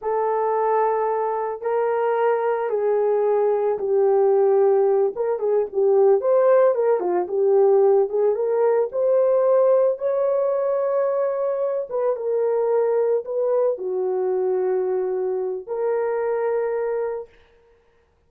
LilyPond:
\new Staff \with { instrumentName = "horn" } { \time 4/4 \tempo 4 = 111 a'2. ais'4~ | ais'4 gis'2 g'4~ | g'4. ais'8 gis'8 g'4 c''8~ | c''8 ais'8 f'8 g'4. gis'8 ais'8~ |
ais'8 c''2 cis''4.~ | cis''2 b'8 ais'4.~ | ais'8 b'4 fis'2~ fis'8~ | fis'4 ais'2. | }